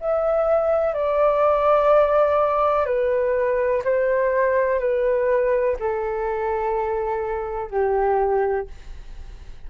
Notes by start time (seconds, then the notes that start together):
0.00 E5
0.94 D5
2.85 B4
3.84 C5
4.79 B4
5.79 A4
7.71 G4